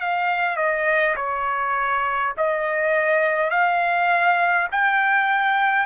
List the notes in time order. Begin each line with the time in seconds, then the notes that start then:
0.00 F5
0.56 D#5
1.16 C#5
2.37 D#5
3.50 F5
4.72 G5